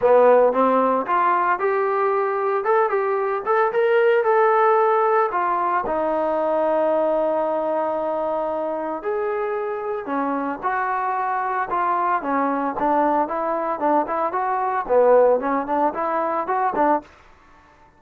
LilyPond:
\new Staff \with { instrumentName = "trombone" } { \time 4/4 \tempo 4 = 113 b4 c'4 f'4 g'4~ | g'4 a'8 g'4 a'8 ais'4 | a'2 f'4 dis'4~ | dis'1~ |
dis'4 gis'2 cis'4 | fis'2 f'4 cis'4 | d'4 e'4 d'8 e'8 fis'4 | b4 cis'8 d'8 e'4 fis'8 d'8 | }